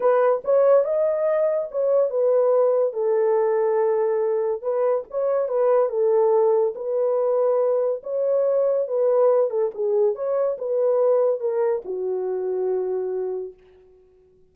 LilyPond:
\new Staff \with { instrumentName = "horn" } { \time 4/4 \tempo 4 = 142 b'4 cis''4 dis''2 | cis''4 b'2 a'4~ | a'2. b'4 | cis''4 b'4 a'2 |
b'2. cis''4~ | cis''4 b'4. a'8 gis'4 | cis''4 b'2 ais'4 | fis'1 | }